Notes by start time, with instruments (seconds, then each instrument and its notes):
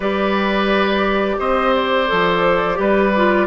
0.00 bassoon G3, clarinet G4, oboe B4, flute D5
1.39 bassoon C4, oboe C5, flute D#5
1.74 flute D5
2.07 bassoon F3, clarinet A4
2.75 bassoon G3, clarinet G4, oboe B4
3.16 clarinet F4